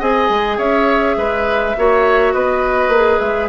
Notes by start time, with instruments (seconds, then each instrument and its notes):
0.00 bassoon C4, clarinet G#4, oboe D#5, flute G#5
0.29 bassoon G#3
0.58 bassoon C#4, oboe C#5, flute E5
1.17 bassoon G#3, oboe B4
1.78 bassoon A#3, clarinet F#4, oboe C#5
2.34 bassoon B3, oboe B4, flute D#5
2.89 bassoon A#3, clarinet G#4
3.20 bassoon G#3, flute E5